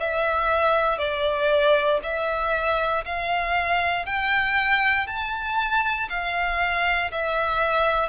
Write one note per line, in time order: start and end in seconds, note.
0.00 0.99 E5
0.99 2.01 D5
2.03 3.05 E5
3.05 4.06 F5
4.06 5.08 G5
5.08 6.09 A5
6.10 7.11 F5
7.12 8.09 E5